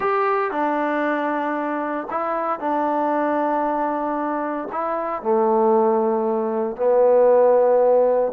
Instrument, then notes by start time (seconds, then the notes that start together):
trombone
0.00 G4
0.51 D4
2.10 E4
2.59 D4
4.72 E4
5.22 A3
6.76 B3